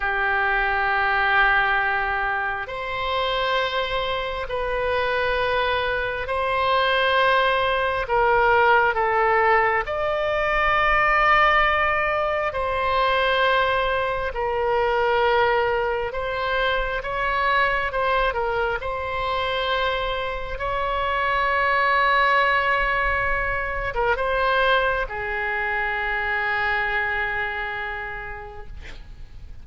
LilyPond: \new Staff \with { instrumentName = "oboe" } { \time 4/4 \tempo 4 = 67 g'2. c''4~ | c''4 b'2 c''4~ | c''4 ais'4 a'4 d''4~ | d''2 c''2 |
ais'2 c''4 cis''4 | c''8 ais'8 c''2 cis''4~ | cis''2~ cis''8. ais'16 c''4 | gis'1 | }